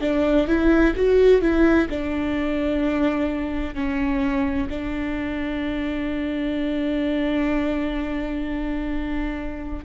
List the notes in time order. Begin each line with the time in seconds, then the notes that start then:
0.00 D4
0.47 E4
0.95 F#4
1.41 E4
1.89 D4
3.74 C#4
4.69 D4